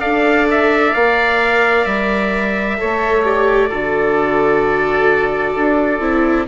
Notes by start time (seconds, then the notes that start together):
0.00 D4 A4 D5 F5
0.50 E5
0.93 A#3 A#4 F5
1.84 G3 E5
2.77 A3 A4 C#5
3.24 G4 D5
3.69 D3 F#4 A4
5.55 D4
6.00 C4 E4